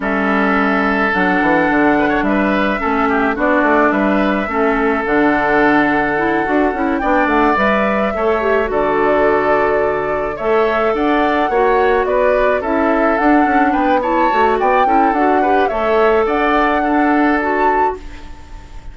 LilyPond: <<
  \new Staff \with { instrumentName = "flute" } { \time 4/4 \tempo 4 = 107 e''2 fis''2 | e''2 d''4 e''4~ | e''4 fis''2.~ | fis''8 g''8 fis''8 e''2 d''8~ |
d''2~ d''8 e''4 fis''8~ | fis''4. d''4 e''4 fis''8~ | fis''8 g''8 a''4 g''4 fis''4 | e''4 fis''2 a''4 | }
  \new Staff \with { instrumentName = "oboe" } { \time 4/4 a'2.~ a'8 b'16 cis''16 | b'4 a'8 g'8 fis'4 b'4 | a'1~ | a'8 d''2 cis''4 a'8~ |
a'2~ a'8 cis''4 d''8~ | d''8 cis''4 b'4 a'4.~ | a'8 b'8 cis''4 d''8 a'4 b'8 | cis''4 d''4 a'2 | }
  \new Staff \with { instrumentName = "clarinet" } { \time 4/4 cis'2 d'2~ | d'4 cis'4 d'2 | cis'4 d'2 e'8 fis'8 | e'8 d'4 b'4 a'8 g'8 fis'8~ |
fis'2~ fis'8 a'4.~ | a'8 fis'2 e'4 d'8~ | d'4 e'8 fis'4 e'8 fis'8 g'8 | a'2 d'4 fis'4 | }
  \new Staff \with { instrumentName = "bassoon" } { \time 4/4 g2 fis8 e8 d4 | g4 a4 b8 a8 g4 | a4 d2~ d8 d'8 | cis'8 b8 a8 g4 a4 d8~ |
d2~ d8 a4 d'8~ | d'8 ais4 b4 cis'4 d'8 | cis'8 b4 a8 b8 cis'8 d'4 | a4 d'2. | }
>>